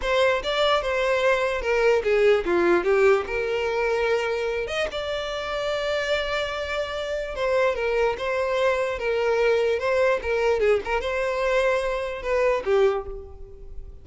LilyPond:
\new Staff \with { instrumentName = "violin" } { \time 4/4 \tempo 4 = 147 c''4 d''4 c''2 | ais'4 gis'4 f'4 g'4 | ais'2.~ ais'8 dis''8 | d''1~ |
d''2 c''4 ais'4 | c''2 ais'2 | c''4 ais'4 gis'8 ais'8 c''4~ | c''2 b'4 g'4 | }